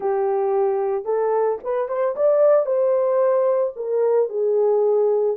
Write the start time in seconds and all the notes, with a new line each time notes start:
0.00 G4
1.04 A4
1.63 B4
1.88 C5
2.16 D5
2.65 C5
3.75 A#4
4.29 G#4